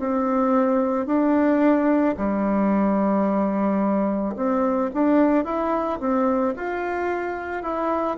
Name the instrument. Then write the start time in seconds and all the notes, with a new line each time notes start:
bassoon
0.00 C4
1.06 D4
2.17 G3
4.36 C4
4.94 D4
5.45 E4
6.00 C4
6.57 F4
7.63 E4